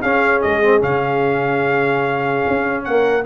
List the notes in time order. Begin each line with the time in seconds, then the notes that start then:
0.00 C#4 G#4 F5
0.41 G#3 D#5
0.62 C4
0.79 C#3 C#4 F5
2.47 C#4
2.84 A#3 A#4 F#5